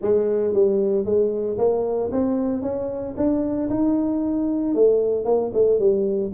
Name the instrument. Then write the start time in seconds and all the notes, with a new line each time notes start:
tuba
0.01 G#3
0.53 G3
1.05 G#3
1.57 A#3
2.11 C4
2.62 C#4
3.16 D4
3.69 D#4
4.74 A3
5.24 A#3
5.53 A3
5.79 G3